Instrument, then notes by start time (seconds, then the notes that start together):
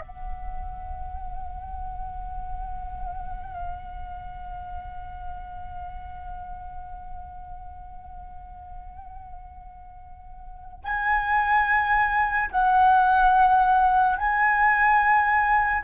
flute
0.00 F#5
10.83 G#5
12.50 F#5
14.17 G#5